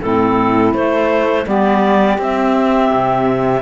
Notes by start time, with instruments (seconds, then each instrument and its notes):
0.00 cello A2, clarinet C4 A4, saxophone E4
0.73 cello A3, clarinet A3 C5
1.45 cello G3, clarinet B3 D5, saxophone G4
2.18 cello C4, clarinet C4 E5
2.91 cello C3